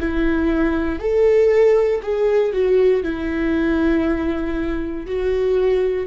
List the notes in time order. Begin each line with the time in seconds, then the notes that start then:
0.00 E4
1.00 A4
2.03 G#4
2.53 F#4
3.04 E4
5.07 F#4